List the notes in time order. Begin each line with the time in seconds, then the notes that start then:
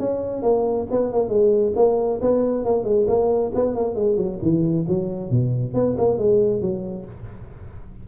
0.00 C#4
0.43 A#3
0.91 B3
1.13 A#3
1.29 G#3
1.76 A#3
2.22 B3
2.66 A#3
2.84 G#3
3.08 A#3
3.55 B3
3.76 A#3
3.96 G#3
4.18 F#3
4.42 E3
4.89 F#3
5.31 B2
5.75 B3
5.98 A#3
6.18 G#3
6.62 F#3